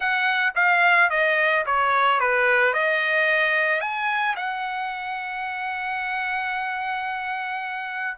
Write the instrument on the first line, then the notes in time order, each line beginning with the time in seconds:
trumpet
0.00 F#5
0.55 F5
1.10 D#5
1.65 C#5
2.20 B4
2.73 D#5
3.80 G#5
4.36 F#5